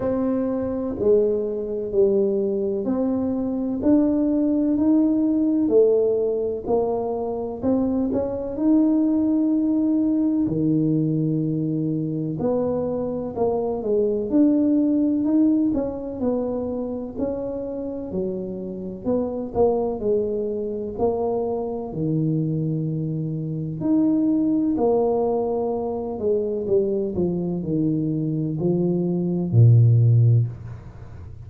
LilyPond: \new Staff \with { instrumentName = "tuba" } { \time 4/4 \tempo 4 = 63 c'4 gis4 g4 c'4 | d'4 dis'4 a4 ais4 | c'8 cis'8 dis'2 dis4~ | dis4 b4 ais8 gis8 d'4 |
dis'8 cis'8 b4 cis'4 fis4 | b8 ais8 gis4 ais4 dis4~ | dis4 dis'4 ais4. gis8 | g8 f8 dis4 f4 ais,4 | }